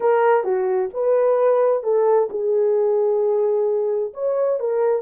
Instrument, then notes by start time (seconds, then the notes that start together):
horn
0.00 A#4
0.44 F#4
0.93 B4
1.83 A4
2.30 G#4
4.13 C#5
4.59 A#4